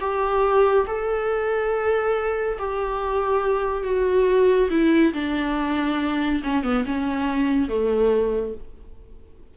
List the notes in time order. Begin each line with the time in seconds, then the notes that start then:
0.00 G4
0.87 A4
2.58 G4
3.83 F#4
4.70 E4
5.13 D4
6.43 C#4
6.63 B3
6.85 C#4
7.68 A3